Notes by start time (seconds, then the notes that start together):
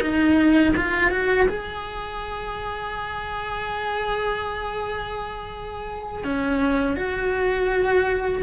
0.00 D#4
0.76 F4
1.11 F#4
1.48 G#4
6.24 C#4
6.96 F#4